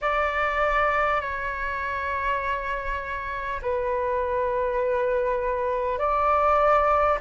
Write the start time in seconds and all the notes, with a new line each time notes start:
0.01 D5
1.21 C#5
3.62 B4
5.98 D5